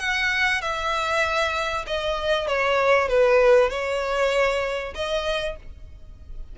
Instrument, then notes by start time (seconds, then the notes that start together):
violin
0.00 F#5
0.62 E5
1.87 D#5
2.48 C#5
3.09 B4
3.70 C#5
4.95 D#5